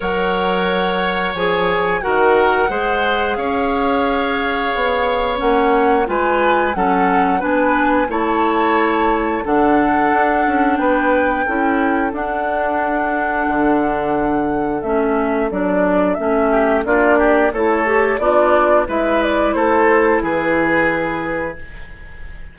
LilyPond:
<<
  \new Staff \with { instrumentName = "flute" } { \time 4/4 \tempo 4 = 89 fis''2 gis''4 fis''4~ | fis''4 f''2. | fis''4 gis''4 fis''4 gis''4 | a''2 fis''2 |
g''2 fis''2~ | fis''2 e''4 d''4 | e''4 d''4 cis''4 d''4 | e''8 d''8 c''4 b'2 | }
  \new Staff \with { instrumentName = "oboe" } { \time 4/4 cis''2. ais'4 | c''4 cis''2.~ | cis''4 b'4 a'4 b'4 | cis''2 a'2 |
b'4 a'2.~ | a'1~ | a'8 g'8 f'8 g'8 a'4 d'4 | b'4 a'4 gis'2 | }
  \new Staff \with { instrumentName = "clarinet" } { \time 4/4 ais'2 gis'4 fis'4 | gis'1 | cis'4 f'4 cis'4 d'4 | e'2 d'2~ |
d'4 e'4 d'2~ | d'2 cis'4 d'4 | cis'4 d'4 e'8 g'8 f'4 | e'1 | }
  \new Staff \with { instrumentName = "bassoon" } { \time 4/4 fis2 f4 dis4 | gis4 cis'2 b4 | ais4 gis4 fis4 b4 | a2 d4 d'8 cis'8 |
b4 cis'4 d'2 | d2 a4 fis4 | a4 ais4 a4 b4 | gis4 a4 e2 | }
>>